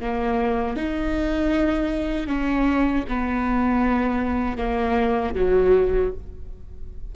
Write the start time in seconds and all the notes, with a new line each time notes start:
0.00 A#3
0.76 D#4
2.27 C#4
3.08 B3
4.57 A#3
5.34 F#3